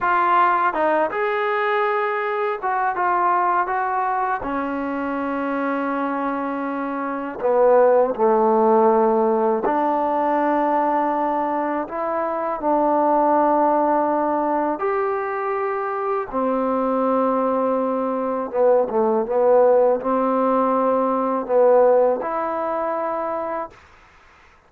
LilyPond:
\new Staff \with { instrumentName = "trombone" } { \time 4/4 \tempo 4 = 81 f'4 dis'8 gis'2 fis'8 | f'4 fis'4 cis'2~ | cis'2 b4 a4~ | a4 d'2. |
e'4 d'2. | g'2 c'2~ | c'4 b8 a8 b4 c'4~ | c'4 b4 e'2 | }